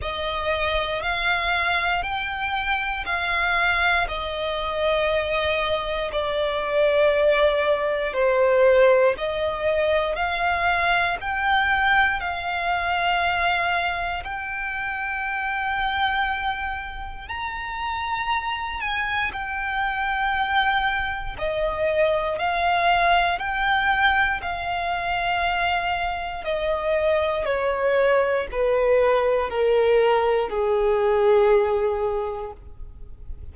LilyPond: \new Staff \with { instrumentName = "violin" } { \time 4/4 \tempo 4 = 59 dis''4 f''4 g''4 f''4 | dis''2 d''2 | c''4 dis''4 f''4 g''4 | f''2 g''2~ |
g''4 ais''4. gis''8 g''4~ | g''4 dis''4 f''4 g''4 | f''2 dis''4 cis''4 | b'4 ais'4 gis'2 | }